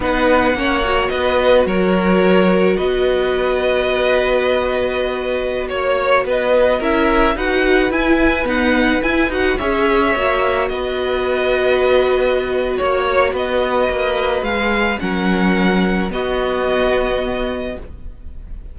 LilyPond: <<
  \new Staff \with { instrumentName = "violin" } { \time 4/4 \tempo 4 = 108 fis''2 dis''4 cis''4~ | cis''4 dis''2.~ | dis''2~ dis''16 cis''4 dis''8.~ | dis''16 e''4 fis''4 gis''4 fis''8.~ |
fis''16 gis''8 fis''8 e''2 dis''8.~ | dis''2. cis''4 | dis''2 f''4 fis''4~ | fis''4 dis''2. | }
  \new Staff \with { instrumentName = "violin" } { \time 4/4 b'4 cis''4 b'4 ais'4~ | ais'4 b'2.~ | b'2~ b'16 cis''4 b'8.~ | b'16 ais'4 b'2~ b'8.~ |
b'4~ b'16 cis''2 b'8.~ | b'2. cis''4 | b'2. ais'4~ | ais'4 fis'2. | }
  \new Staff \with { instrumentName = "viola" } { \time 4/4 dis'4 cis'8 fis'2~ fis'8~ | fis'1~ | fis'1~ | fis'16 e'4 fis'4 e'4 b8.~ |
b16 e'8 fis'8 gis'4 fis'4.~ fis'16~ | fis'1~ | fis'2 gis'4 cis'4~ | cis'4 b2. | }
  \new Staff \with { instrumentName = "cello" } { \time 4/4 b4 ais4 b4 fis4~ | fis4 b2.~ | b2~ b16 ais4 b8.~ | b16 cis'4 dis'4 e'4 dis'8.~ |
dis'16 e'8 dis'8 cis'4 ais4 b8.~ | b2. ais4 | b4 ais4 gis4 fis4~ | fis4 b2. | }
>>